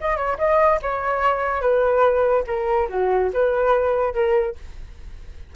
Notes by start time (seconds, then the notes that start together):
0.00 D#5
0.16 C#5
0.38 D#5
0.82 C#5
1.61 B4
2.46 A#4
2.89 F#4
3.33 B4
4.14 A#4